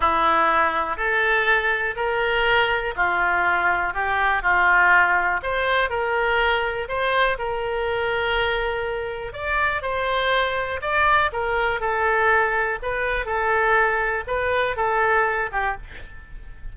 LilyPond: \new Staff \with { instrumentName = "oboe" } { \time 4/4 \tempo 4 = 122 e'2 a'2 | ais'2 f'2 | g'4 f'2 c''4 | ais'2 c''4 ais'4~ |
ais'2. d''4 | c''2 d''4 ais'4 | a'2 b'4 a'4~ | a'4 b'4 a'4. g'8 | }